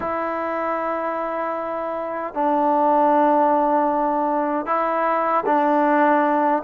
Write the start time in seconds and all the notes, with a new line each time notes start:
0.00 E4
2.34 D4
4.66 E4
5.45 D4